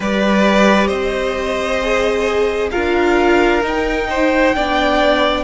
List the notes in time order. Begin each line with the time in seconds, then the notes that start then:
0.00 G3 G4 B4 D5
0.87 C4 C5 D#5
1.82 G#4
2.71 D4 F4 A#4 F5
3.62 D#4 G5
4.09 C5
4.54 B3 D4 D5